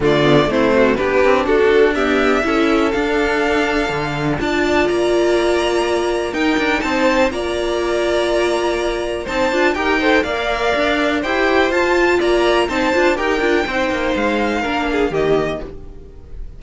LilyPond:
<<
  \new Staff \with { instrumentName = "violin" } { \time 4/4 \tempo 4 = 123 d''4 c''4 b'4 a'4 | e''2 f''2~ | f''4 a''4 ais''2~ | ais''4 g''4 a''4 ais''4~ |
ais''2. a''4 | g''4 f''2 g''4 | a''4 ais''4 a''4 g''4~ | g''4 f''2 dis''4 | }
  \new Staff \with { instrumentName = "violin" } { \time 4/4 f'4 e'8 fis'8 g'4 fis'4 | g'4 a'2.~ | a'4 d''2.~ | d''4 ais'4 c''4 d''4~ |
d''2. c''4 | ais'8 c''8 d''2 c''4~ | c''4 d''4 c''4 ais'4 | c''2 ais'8 gis'8 g'4 | }
  \new Staff \with { instrumentName = "viola" } { \time 4/4 a8 b8 c'4 d'2 | b4 e'4 d'2~ | d'4 f'2.~ | f'4 dis'2 f'4~ |
f'2. dis'8 f'8 | g'8 a'8 ais'2 g'4 | f'2 dis'8 f'8 g'8 f'8 | dis'2 d'4 ais4 | }
  \new Staff \with { instrumentName = "cello" } { \time 4/4 d4 a4 b8 c'8 d'4~ | d'4 cis'4 d'2 | d4 d'4 ais2~ | ais4 dis'8 d'8 c'4 ais4~ |
ais2. c'8 d'8 | dis'4 ais4 d'4 e'4 | f'4 ais4 c'8 d'8 dis'8 d'8 | c'8 ais8 gis4 ais4 dis4 | }
>>